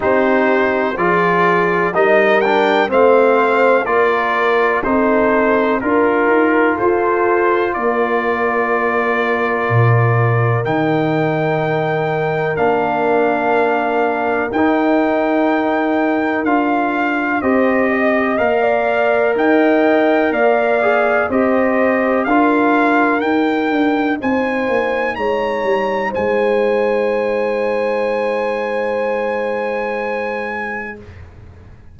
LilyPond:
<<
  \new Staff \with { instrumentName = "trumpet" } { \time 4/4 \tempo 4 = 62 c''4 d''4 dis''8 g''8 f''4 | d''4 c''4 ais'4 c''4 | d''2. g''4~ | g''4 f''2 g''4~ |
g''4 f''4 dis''4 f''4 | g''4 f''4 dis''4 f''4 | g''4 gis''4 ais''4 gis''4~ | gis''1 | }
  \new Staff \with { instrumentName = "horn" } { \time 4/4 g'4 gis'4 ais'4 c''4 | ais'4 a'4 ais'4 a'4 | ais'1~ | ais'1~ |
ais'2 c''8 dis''8. d''8. | dis''4 d''4 c''4 ais'4~ | ais'4 c''4 cis''4 c''4~ | c''1 | }
  \new Staff \with { instrumentName = "trombone" } { \time 4/4 dis'4 f'4 dis'8 d'8 c'4 | f'4 dis'4 f'2~ | f'2. dis'4~ | dis'4 d'2 dis'4~ |
dis'4 f'4 g'4 ais'4~ | ais'4. gis'8 g'4 f'4 | dis'1~ | dis'1 | }
  \new Staff \with { instrumentName = "tuba" } { \time 4/4 c'4 f4 g4 a4 | ais4 c'4 d'8 dis'8 f'4 | ais2 ais,4 dis4~ | dis4 ais2 dis'4~ |
dis'4 d'4 c'4 ais4 | dis'4 ais4 c'4 d'4 | dis'8 d'8 c'8 ais8 gis8 g8 gis4~ | gis1 | }
>>